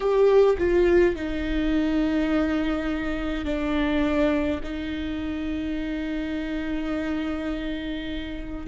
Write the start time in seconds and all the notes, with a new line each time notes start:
0.00 G4
0.58 F4
1.15 D#4
3.45 D4
4.63 D#4